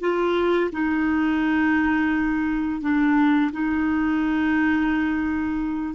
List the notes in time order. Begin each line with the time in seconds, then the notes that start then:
0.00 F4
0.72 D#4
2.81 D4
3.52 D#4